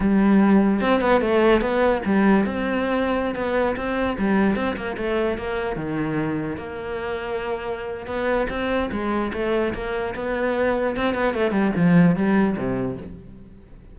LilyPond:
\new Staff \with { instrumentName = "cello" } { \time 4/4 \tempo 4 = 148 g2 c'8 b8 a4 | b4 g4 c'2~ | c'16 b4 c'4 g4 c'8 ais16~ | ais16 a4 ais4 dis4.~ dis16~ |
dis16 ais2.~ ais8. | b4 c'4 gis4 a4 | ais4 b2 c'8 b8 | a8 g8 f4 g4 c4 | }